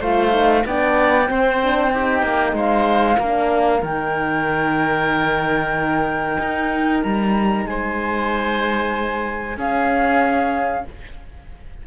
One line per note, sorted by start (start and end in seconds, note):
0.00 0.64 A3
0.00 0.31 F4
0.00 0.64 C5
0.00 0.66 F5
0.31 0.63 D#4
0.66 1.30 B3
0.66 1.26 D4
0.66 1.30 D5
0.66 2.56 G5
1.26 1.58 C4
1.26 2.23 C4
1.26 1.93 C5
1.63 1.91 D4
1.91 3.19 D#4
1.91 2.56 G4
2.23 2.53 A#3
2.53 3.17 G#3
2.53 3.19 C5
2.53 3.84 F5
3.19 3.82 A#3
3.19 3.81 D4
3.19 7.66 A#4
3.81 6.38 D#3
3.81 9.55 D#4
3.81 7.03 G5
6.39 7.03 D#4
7.03 7.65 G3
7.03 7.67 A#5
7.65 9.57 G#3
7.65 9.58 C5
7.65 9.58 G#5
9.57 10.84 C#4
9.57 10.85 C#4
9.57 10.86 G#4
9.57 10.87 F5